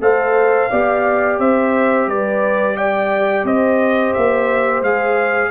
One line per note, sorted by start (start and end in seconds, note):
0.00 0.69 A3
0.00 0.70 A4
0.00 0.70 C5
0.00 1.40 F5
0.70 1.39 B3
0.70 4.85 G4
0.70 1.39 D5
1.39 2.07 C4
1.39 2.08 C5
1.39 2.09 E5
2.07 3.44 G3
2.07 2.77 B4
2.07 2.77 D5
2.77 3.45 D5
2.77 3.46 G5
3.44 4.13 C4
3.44 5.50 C5
3.44 4.13 D#5
4.13 4.81 A#3
4.13 4.82 E5
4.81 5.50 G#3
4.81 5.50 G#4
4.81 5.50 F5